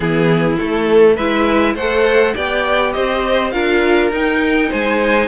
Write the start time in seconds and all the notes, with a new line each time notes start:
0.00 E3 B3 E4 G#4
0.58 A3 A4
1.15 G#3 E4 B4 E5
1.75 A3 A4 C5 F#5
2.34 B3 G4 D5 G5
2.92 C4 C5 D#5
3.51 D4 F4 A#4 F5
4.11 D#4 G5
4.69 G#3 C5 G#5